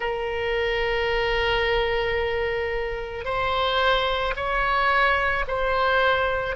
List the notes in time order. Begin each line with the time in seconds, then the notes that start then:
0.00 A#4
3.24 C5
4.35 C#5
5.47 C5